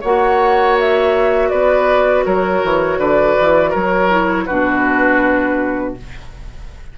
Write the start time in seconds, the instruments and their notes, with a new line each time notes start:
0.00 bassoon A#3, clarinet F#4, oboe C#5, flute F#5
0.78 flute E5
1.49 bassoon B3, oboe B4, flute D5
2.25 bassoon F#3, oboe A#4, flute C#5
2.63 bassoon E3
2.98 bassoon D3, oboe B4, flute D5
3.39 bassoon E3
3.70 bassoon F#3, oboe A#4, flute C#5
4.10 clarinet E4
4.45 bassoon B2, clarinet D4, oboe F#4, flute B4